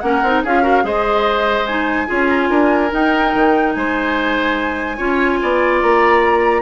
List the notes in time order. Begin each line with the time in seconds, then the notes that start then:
0.00 A#3 C#4 A#4 F#5
0.23 C4 D#4
0.44 C#4 F4 G#4 F5
0.62 F#4 A#4
0.83 G#3 G#4 C5 D#5
1.66 D#4 G#5
2.07 C#4 F4 G#4
2.29 A#5
2.40 G#5
2.49 D4 A#4
2.91 D#4 G5
3.35 D#3
3.73 G#3 C5 G#5
4.97 C#4 F4 C#5
5.42 B3 D5
5.82 A#3 A#5